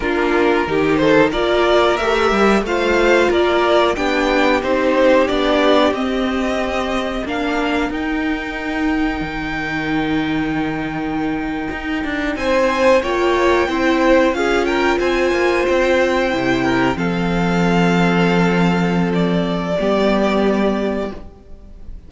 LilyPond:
<<
  \new Staff \with { instrumentName = "violin" } { \time 4/4 \tempo 4 = 91 ais'4. c''8 d''4 e''4 | f''4 d''4 g''4 c''4 | d''4 dis''2 f''4 | g''1~ |
g''2~ g''8. gis''4 g''16~ | g''4.~ g''16 f''8 g''8 gis''4 g''16~ | g''4.~ g''16 f''2~ f''16~ | f''4 d''2. | }
  \new Staff \with { instrumentName = "violin" } { \time 4/4 f'4 g'8 a'8 ais'2 | c''4 ais'4 g'2~ | g'2. ais'4~ | ais'1~ |
ais'2~ ais'8. c''4 cis''16~ | cis''8. c''4 gis'8 ais'8 c''4~ c''16~ | c''4~ c''16 ais'8 a'2~ a'16~ | a'2 g'2 | }
  \new Staff \with { instrumentName = "viola" } { \time 4/4 d'4 dis'4 f'4 g'4 | f'2 d'4 dis'4 | d'4 c'2 d'4 | dis'1~ |
dis'2.~ dis'8. f'16~ | f'8. e'4 f'2~ f'16~ | f'8. e'4 c'2~ c'16~ | c'2 b2 | }
  \new Staff \with { instrumentName = "cello" } { \time 4/4 ais4 dis4 ais4 a8 g8 | a4 ais4 b4 c'4 | b4 c'2 ais4 | dis'2 dis2~ |
dis4.~ dis16 dis'8 d'8 c'4 ais16~ | ais8. c'4 cis'4 c'8 ais8 c'16~ | c'8. c4 f2~ f16~ | f2 g2 | }
>>